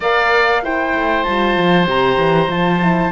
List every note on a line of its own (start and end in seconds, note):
0.00 0.93 A#3
0.00 0.63 A#4
0.00 0.62 D5
0.00 0.64 F5
0.63 1.24 E4
0.63 3.12 C5
0.63 1.23 G5
0.94 1.25 A3
1.23 1.56 G3
1.23 1.86 F4
1.23 1.85 A5
1.56 1.87 F3
1.86 2.17 C3
1.86 2.48 G4
1.86 2.50 A#5
2.17 2.48 E3
2.48 3.11 F3
2.48 2.80 F4
2.48 3.12 A5
2.82 3.12 E4